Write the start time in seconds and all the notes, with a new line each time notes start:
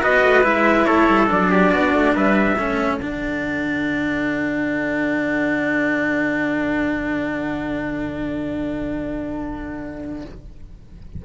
0.00 B3 F#4 B4 D#5
0.23 A3
0.43 G#3 E4 E5
0.85 A3 A4 C#5
1.08 G3
1.27 F#3 D4 D5
1.50 G4
1.71 B3 F#4
1.93 A3
2.14 G3 B4 E5
2.57 A3 C#4 A4
2.99 D3 D4 F#5